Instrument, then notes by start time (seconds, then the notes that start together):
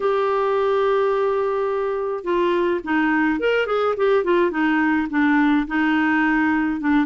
clarinet
0.00 G4
2.24 F4
2.84 D#4
3.39 A#4
3.66 G#4
3.96 G4
4.23 F4
4.51 D#4
5.10 D4
5.67 D#4
6.80 D4